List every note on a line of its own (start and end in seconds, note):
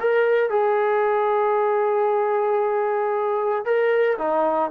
0.00 0.49 A#4
0.49 3.64 G#4
3.64 4.17 A#4
4.18 4.70 D#4